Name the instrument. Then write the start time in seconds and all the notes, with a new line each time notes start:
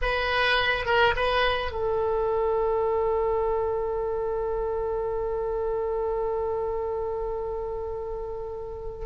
oboe
0.01 B4
0.85 A#4
1.16 B4
1.71 A4